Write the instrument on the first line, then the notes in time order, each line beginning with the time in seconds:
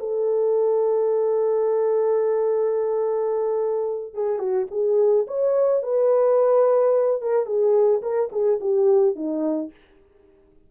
horn
0.00 A4
4.15 G#4
4.39 F#4
4.71 G#4
5.28 C#5
5.83 B4
7.22 A#4
7.47 G#4
8.03 A#4
8.33 G#4
8.61 G4
9.16 D#4